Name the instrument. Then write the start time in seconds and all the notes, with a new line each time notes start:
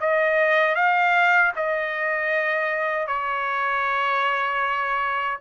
trumpet
0.00 D#5
0.75 F5
1.56 D#5
3.07 C#5